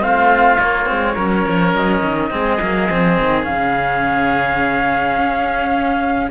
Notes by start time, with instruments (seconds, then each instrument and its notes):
0.00 cello A3 C4, oboe F4, flute F5
0.59 cello A#3, flute C#5
0.85 cello G#3 C4
1.14 cello F#3 C#4, oboe A#4
1.47 cello F3
1.73 cello F#3, flute D#5
2.03 cello D#3
2.30 cello G#3 C4, oboe G#4
2.60 cello F#3 A#3
2.89 cello F3 C4
3.19 cello D#3
3.43 cello C#4, flute F5
3.49 cello C#3
5.17 cello C#4